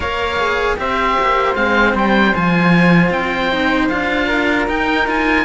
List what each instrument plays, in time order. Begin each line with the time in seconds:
0.00 cello A#3 A#4, flute C#5, oboe F5
0.38 cello G#4
0.76 cello C4 G4, flute C5, oboe E5
1.19 cello A#3
1.55 cello G#3 C4, oboe F5
1.94 cello G3, oboe G5
2.34 cello F3 F4, oboe G#5
3.09 cello C4, oboe G5
3.51 cello D#4
3.88 cello D4 F4, oboe F5
4.27 flute A#4
4.67 cello D#4, oboe G5
5.06 cello F4, oboe G#5